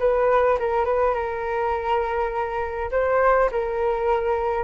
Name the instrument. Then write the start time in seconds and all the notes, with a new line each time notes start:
flute
0.00 B4
0.60 A#4
0.85 B4
1.14 A#4
2.91 C5
3.52 A#4